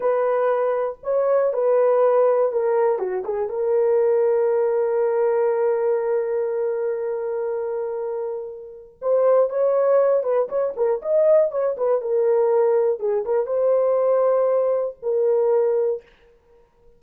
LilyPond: \new Staff \with { instrumentName = "horn" } { \time 4/4 \tempo 4 = 120 b'2 cis''4 b'4~ | b'4 ais'4 fis'8 gis'8 ais'4~ | ais'1~ | ais'1~ |
ais'2 c''4 cis''4~ | cis''8 b'8 cis''8 ais'8 dis''4 cis''8 b'8 | ais'2 gis'8 ais'8 c''4~ | c''2 ais'2 | }